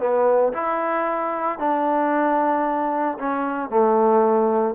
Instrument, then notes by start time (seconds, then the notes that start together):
trombone
0.00 B3
0.54 E4
1.59 D4
3.19 C#4
3.70 A3